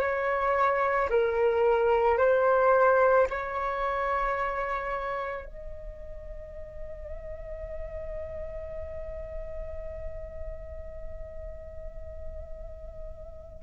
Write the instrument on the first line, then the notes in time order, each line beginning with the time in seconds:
flute
0.00 C#5
1.10 A#4
2.18 C5
3.30 C#5
5.45 D#5